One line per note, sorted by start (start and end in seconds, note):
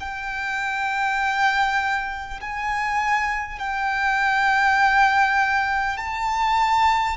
0.00 2.40 G5
2.41 3.59 G#5
3.59 5.97 G5
5.97 7.17 A5